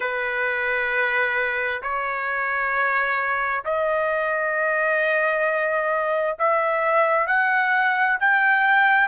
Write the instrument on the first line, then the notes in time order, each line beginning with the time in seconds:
trumpet
0.00 B4
1.82 C#5
3.64 D#5
6.38 E5
7.26 F#5
8.19 G5